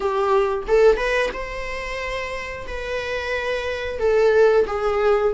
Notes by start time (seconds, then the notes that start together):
0.00 G4
0.67 A4
0.96 B4
1.33 C5
2.67 B4
3.98 A4
4.67 G#4